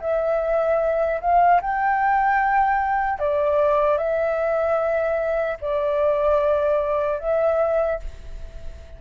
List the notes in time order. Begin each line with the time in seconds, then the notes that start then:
0.00 E5
1.20 F5
1.61 G5
3.19 D5
3.97 E5
5.60 D5
7.19 E5